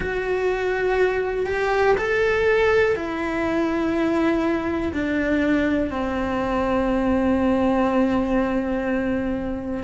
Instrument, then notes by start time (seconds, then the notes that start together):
cello
0.00 F#4
1.46 G4
1.97 A4
2.95 E4
4.93 D4
5.90 C4